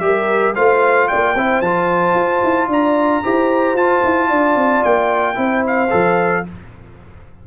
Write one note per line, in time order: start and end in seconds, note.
0.00 0.54 G3
0.00 0.55 G4
0.00 0.55 A#4
0.00 0.54 E5
0.55 1.10 A3
0.55 1.35 F4
0.55 1.09 C5
0.55 1.08 F5
1.08 1.35 A#3
1.08 1.36 D5
1.08 1.62 G5
1.35 1.61 C4
1.35 1.64 E4
1.35 2.70 C5
1.61 2.15 F3
1.61 3.24 F4
1.61 2.69 A5
2.15 2.42 F4
2.44 2.68 E4
2.68 3.21 D4
2.68 3.24 D5
2.68 3.77 A#5
3.24 3.74 E4
3.24 3.77 G4
3.24 4.29 C5
3.74 4.01 F4
3.74 5.35 F4
3.74 4.84 A5
4.05 4.31 E4
4.29 4.56 D4
4.29 5.36 D5
4.56 4.83 C4
4.84 5.38 A#3
4.84 5.64 G5
5.35 5.91 C4
5.35 5.89 E4
5.35 6.45 C5
5.67 6.47 F5
5.90 6.47 F3
5.90 6.44 A4